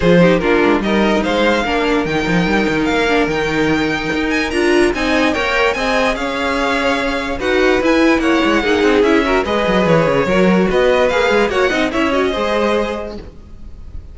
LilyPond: <<
  \new Staff \with { instrumentName = "violin" } { \time 4/4 \tempo 4 = 146 c''4 ais'4 dis''4 f''4~ | f''4 g''2 f''4 | g''2~ g''8 gis''8 ais''4 | gis''4 g''4 gis''4 f''4~ |
f''2 fis''4 gis''4 | fis''2 e''4 dis''4 | cis''2 dis''4 f''4 | fis''4 e''8 dis''2~ dis''8 | }
  \new Staff \with { instrumentName = "violin" } { \time 4/4 gis'8 g'8 f'4 ais'4 c''4 | ais'1~ | ais'1 | dis''4 cis''4 dis''4 cis''4~ |
cis''2 b'2 | cis''4 gis'4. ais'8 b'4~ | b'4 ais'4 b'2 | cis''8 dis''8 cis''4 c''2 | }
  \new Staff \with { instrumentName = "viola" } { \time 4/4 f'8 dis'8 d'4 dis'2 | d'4 dis'2~ dis'8 d'8 | dis'2. f'4 | dis'4 ais'4 gis'2~ |
gis'2 fis'4 e'4~ | e'4 dis'4 e'8 fis'8 gis'4~ | gis'4 fis'2 gis'4 | fis'8 dis'8 e'8 fis'8 gis'2 | }
  \new Staff \with { instrumentName = "cello" } { \time 4/4 f4 ais8 gis8 g4 gis4 | ais4 dis8 f8 g8 dis8 ais4 | dis2 dis'4 d'4 | c'4 ais4 c'4 cis'4~ |
cis'2 dis'4 e'4 | ais8 gis8 ais8 c'8 cis'4 gis8 fis8 | e8 cis8 fis4 b4 ais8 gis8 | ais8 c'8 cis'4 gis2 | }
>>